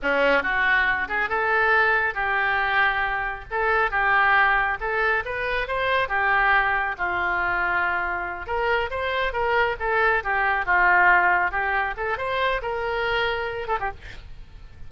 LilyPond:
\new Staff \with { instrumentName = "oboe" } { \time 4/4 \tempo 4 = 138 cis'4 fis'4. gis'8 a'4~ | a'4 g'2. | a'4 g'2 a'4 | b'4 c''4 g'2 |
f'2.~ f'8 ais'8~ | ais'8 c''4 ais'4 a'4 g'8~ | g'8 f'2 g'4 a'8 | c''4 ais'2~ ais'8 a'16 g'16 | }